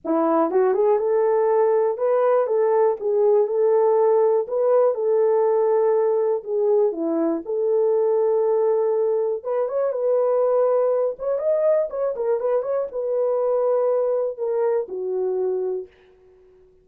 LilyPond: \new Staff \with { instrumentName = "horn" } { \time 4/4 \tempo 4 = 121 e'4 fis'8 gis'8 a'2 | b'4 a'4 gis'4 a'4~ | a'4 b'4 a'2~ | a'4 gis'4 e'4 a'4~ |
a'2. b'8 cis''8 | b'2~ b'8 cis''8 dis''4 | cis''8 ais'8 b'8 cis''8 b'2~ | b'4 ais'4 fis'2 | }